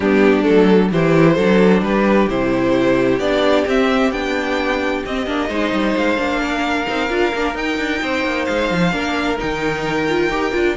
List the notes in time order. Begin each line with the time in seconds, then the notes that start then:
0.00 G3 B3 D4 G4
0.42 A3 A4
0.49 F#3
0.91 E3 E4 G4 C5
1.35 F#3 D4 A4
1.81 G3 G4 B4
2.29 C3 E4 C5
3.19 B3 D4 D5
3.66 C4 E5
4.11 B3 D4 G5
5.05 C4 D#5
5.26 A#3 D4
5.48 G#3 D#4 C5
5.72 G3
5.97 G#3 F5
6.16 A#3 D4
6.41 A#4
6.87 C4 D#4
7.08 D4 F4
7.34 A#3 D4
7.54 D#4 G5
7.77 D4
8.01 C4 C5
8.23 A#3
8.45 G#3 F5
8.71 F3
8.91 A#3 D4 A#4
9.37 D#3 D#4 G5
10.08 F4
10.28 D#4 G4
10.52 D4 F4